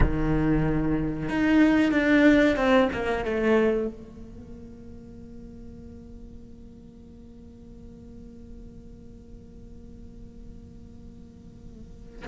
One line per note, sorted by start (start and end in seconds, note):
0.00 1.29 D#3
1.29 1.91 D#4
1.91 2.56 D4
2.56 2.89 C4
2.92 3.24 A#3
3.24 3.87 A3
3.87 12.26 A#3